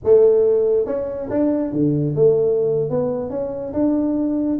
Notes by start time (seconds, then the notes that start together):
0.04 A3
0.86 C#4
1.30 D4
1.72 D3
2.15 A3
2.90 B3
3.30 C#4
3.73 D4